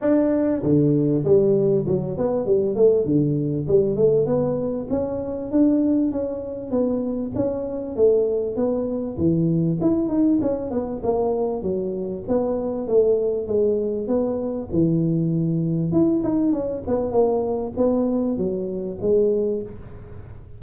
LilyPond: \new Staff \with { instrumentName = "tuba" } { \time 4/4 \tempo 4 = 98 d'4 d4 g4 fis8 b8 | g8 a8 d4 g8 a8 b4 | cis'4 d'4 cis'4 b4 | cis'4 a4 b4 e4 |
e'8 dis'8 cis'8 b8 ais4 fis4 | b4 a4 gis4 b4 | e2 e'8 dis'8 cis'8 b8 | ais4 b4 fis4 gis4 | }